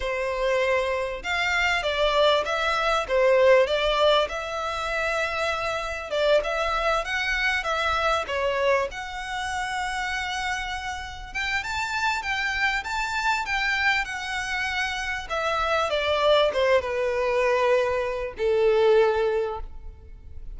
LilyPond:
\new Staff \with { instrumentName = "violin" } { \time 4/4 \tempo 4 = 98 c''2 f''4 d''4 | e''4 c''4 d''4 e''4~ | e''2 d''8 e''4 fis''8~ | fis''8 e''4 cis''4 fis''4.~ |
fis''2~ fis''8 g''8 a''4 | g''4 a''4 g''4 fis''4~ | fis''4 e''4 d''4 c''8 b'8~ | b'2 a'2 | }